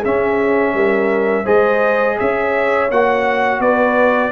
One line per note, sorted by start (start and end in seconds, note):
0.00 1.46 C#4
0.00 0.74 C#4
0.00 0.71 G#4
0.00 1.47 E5
0.74 1.45 G3
0.74 1.45 A#4
1.45 2.19 G#3
1.45 2.88 G#4
1.45 2.16 C5
1.45 2.19 D#5
2.19 2.91 C#4
2.19 3.62 C#5
2.19 2.91 E5
2.91 3.60 A#3
2.91 4.32 F#4
2.91 3.61 F#5
3.60 4.31 B3
3.60 4.32 B4
3.60 4.32 D5